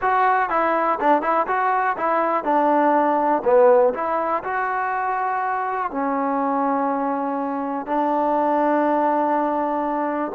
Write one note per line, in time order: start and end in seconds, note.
0.01 0.49 F#4
0.49 0.98 E4
1.00 1.21 D4
1.21 1.46 E4
1.47 1.96 F#4
1.97 2.44 E4
2.44 3.42 D4
3.44 3.93 B3
3.93 4.43 E4
4.43 5.91 F#4
5.91 7.86 C#4
7.86 10.32 D4